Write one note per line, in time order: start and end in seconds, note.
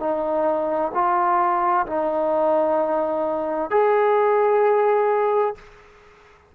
0.00 0.92 D#4
0.94 1.87 F4
1.87 3.71 D#4
3.71 5.56 G#4